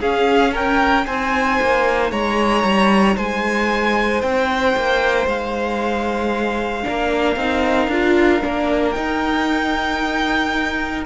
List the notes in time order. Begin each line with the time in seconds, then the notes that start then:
0.00 C#4 G#4 F5
0.52 A#4 G5
1.06 C4 D#4 C5 G#5
1.61 A#3
2.11 G#3 C#5 A#5
2.63 G3
3.16 G#3 C5 G#5
4.21 C4 G5
4.76 A#3
5.26 G#3 F5
6.83 A#3 D4 A#4
7.36 C4 D#4
7.87 D4 F4
8.41 A#3 D4
8.91 D#4 G5